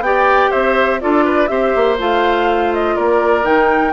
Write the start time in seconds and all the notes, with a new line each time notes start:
0.00 B3 G4 D5 G5
0.51 C4 C5 E5
1.01 D4 F4 A4 D5
1.25 B4
1.48 C4 G4 C5 E5
1.76 A#3
1.99 A3 F4 F5
2.74 D#5
2.96 A#3 A#4 D5
3.43 D#3 D#4 G5